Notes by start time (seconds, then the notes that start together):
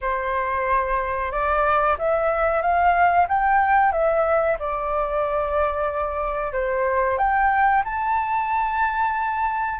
0.01 C5
1.31 D5
1.98 E5
2.61 F5
3.28 G5
3.92 E5
4.59 D5
6.52 C5
7.17 G5
7.84 A5